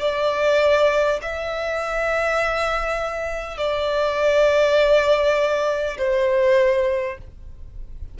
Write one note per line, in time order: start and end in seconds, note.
0.00 1.20 D5
1.22 3.57 E5
3.57 5.97 D5
5.98 7.18 C5